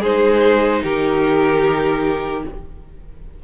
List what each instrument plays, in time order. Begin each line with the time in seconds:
0.00 cello G#3, viola D#4, violin G#4 C5
0.83 cello D#3, violin G4 A#4